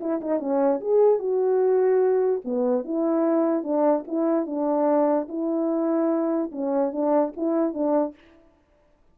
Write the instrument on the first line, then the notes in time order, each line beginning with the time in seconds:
horn
0.00 E4
0.21 D#4
0.39 C#4
0.81 G#4
1.19 F#4
2.45 B3
2.85 E4
3.63 D4
4.07 E4
4.46 D4
5.28 E4
6.52 C#4
6.92 D4
7.37 E4
7.73 D4